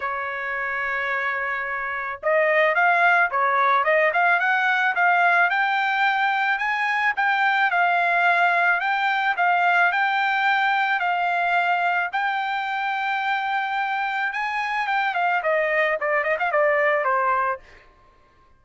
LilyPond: \new Staff \with { instrumentName = "trumpet" } { \time 4/4 \tempo 4 = 109 cis''1 | dis''4 f''4 cis''4 dis''8 f''8 | fis''4 f''4 g''2 | gis''4 g''4 f''2 |
g''4 f''4 g''2 | f''2 g''2~ | g''2 gis''4 g''8 f''8 | dis''4 d''8 dis''16 f''16 d''4 c''4 | }